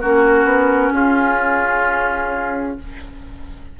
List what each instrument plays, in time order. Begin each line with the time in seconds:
0.00 bassoon A#3, clarinet C#4, oboe F#4, flute A#4
0.44 bassoon B3
0.92 bassoon C#4, oboe F4, flute G#4